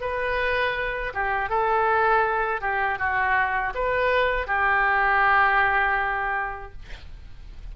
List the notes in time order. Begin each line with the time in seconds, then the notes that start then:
0.00 B4
1.13 G4
1.49 A4
2.60 G4
2.98 F#4
3.74 B4
4.47 G4